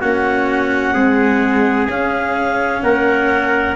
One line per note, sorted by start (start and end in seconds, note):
0.00 0.95 A#3
0.00 0.95 C#4
0.00 0.94 F#4
0.00 1.88 F#5
0.94 1.89 G#3
0.94 1.88 C4
0.94 2.81 G#4
1.88 2.82 C#4
1.88 3.77 C#4
1.88 2.83 F5
2.83 3.77 A#3
2.83 3.77 A#4
2.83 3.76 F#5